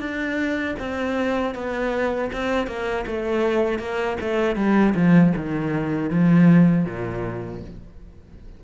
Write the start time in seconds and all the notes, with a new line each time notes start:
0.00 D4
0.79 C4
1.55 B3
2.33 C4
2.68 A#3
3.07 A3
3.79 A#3
4.21 A3
4.56 G3
4.95 F3
5.36 D#3
6.11 F3
6.86 A#2